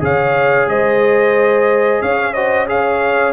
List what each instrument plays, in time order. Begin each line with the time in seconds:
0.00 tuba C#3, trombone G#4, horn C#5, trumpet F5
0.67 tuba G#3, horn C5, trumpet D#5
2.01 tuba C#4, horn C#5, trumpet F5
2.33 trombone F#4, horn C5, trumpet D#5
2.67 trombone G#4, horn C#5, trumpet F5